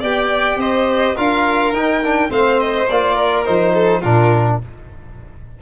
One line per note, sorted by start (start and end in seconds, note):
0.00 0.57 B3
0.00 1.17 G4
0.00 0.57 D5
0.00 0.60 G5
0.57 1.14 C4
0.57 1.15 C5
0.57 1.17 D#5
1.15 1.73 D4
1.15 1.74 F4
1.15 2.30 A#4
1.15 1.74 F5
1.73 2.30 D#4
1.73 2.03 D#4
1.73 2.31 G5
2.04 2.29 D4
2.29 2.87 A3
2.29 2.86 C4
2.29 3.15 C5
2.29 2.60 F5
2.60 2.88 D#5
2.89 3.47 A#3
2.89 3.45 F4
2.89 3.45 D5
3.15 3.72 A#4
3.45 4.04 F3
3.45 4.02 D#4
3.45 4.02 C5
3.74 4.01 A4
4.01 4.61 A#2
4.01 4.61 D4
4.01 4.58 F4
4.01 4.59 A#4